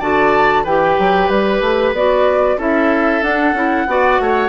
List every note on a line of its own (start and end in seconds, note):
0.00 0.65 D3
0.00 0.65 F#4
0.00 0.64 D5
0.00 0.66 A5
0.64 0.98 E3
0.64 1.97 G4
0.64 2.57 B4
0.64 1.29 G5
0.99 1.30 F#3
1.29 1.61 G3
1.29 1.94 B4
1.61 1.93 A3
1.93 2.57 B3
1.93 2.59 F#4
1.93 2.60 D5
2.58 3.22 C#4
2.58 3.23 E4
2.58 3.87 A4
2.58 3.23 E5
3.22 3.54 D4
3.22 3.55 D4
3.22 4.49 F#5
3.54 3.86 C#4
3.54 3.88 E4
3.87 4.20 B3
3.87 4.49 F#4
3.87 4.23 D5
4.20 4.49 A3
4.20 4.49 C#5